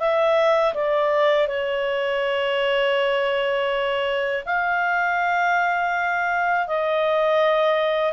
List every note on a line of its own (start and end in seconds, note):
0.00 0.74 E5
0.74 1.48 D5
1.48 4.44 C#5
4.45 6.67 F5
6.67 8.13 D#5